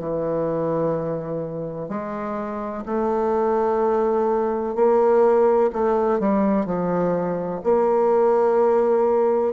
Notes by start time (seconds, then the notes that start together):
0.00 E3
1.89 G#3
2.86 A3
4.76 A#3
5.73 A3
6.20 G3
6.66 F3
7.64 A#3